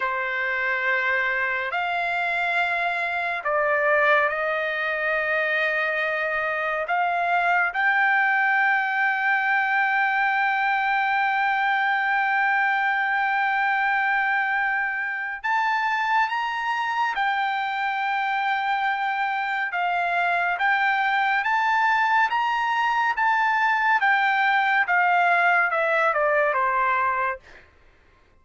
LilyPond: \new Staff \with { instrumentName = "trumpet" } { \time 4/4 \tempo 4 = 70 c''2 f''2 | d''4 dis''2. | f''4 g''2.~ | g''1~ |
g''2 a''4 ais''4 | g''2. f''4 | g''4 a''4 ais''4 a''4 | g''4 f''4 e''8 d''8 c''4 | }